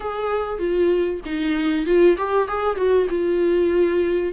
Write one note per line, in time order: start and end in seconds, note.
0.00 0.58 G#4
0.58 1.20 F4
1.25 1.86 D#4
1.86 2.16 F4
2.17 2.48 G4
2.48 2.76 G#4
2.76 3.07 F#4
3.09 4.33 F4